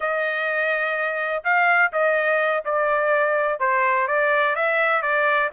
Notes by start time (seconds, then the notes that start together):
0.00 D#5
1.44 F5
1.92 D#5
2.64 D5
3.59 C5
4.07 D5
4.55 E5
5.02 D5